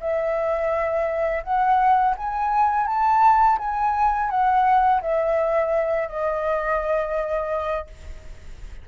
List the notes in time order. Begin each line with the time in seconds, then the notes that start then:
0.00 E5
1.43 F#5
2.17 G#5
2.86 A5
3.58 G#5
4.30 F#5
5.01 E5
6.08 D#5